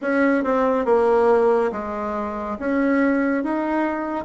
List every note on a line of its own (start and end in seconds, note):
0.01 0.44 C#4
0.44 0.85 C4
0.85 1.71 A#3
1.71 2.57 G#3
2.59 3.43 C#4
3.43 4.25 D#4